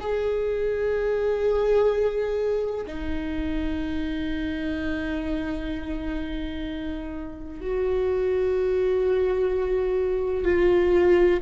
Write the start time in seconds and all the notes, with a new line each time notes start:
0.00 G#4
2.87 D#4
7.61 F#4
10.44 F4